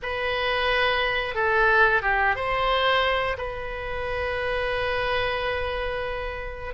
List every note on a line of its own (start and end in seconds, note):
0.02 1.34 B4
1.34 2.02 A4
2.02 2.35 G4
2.35 3.36 C5
3.37 6.74 B4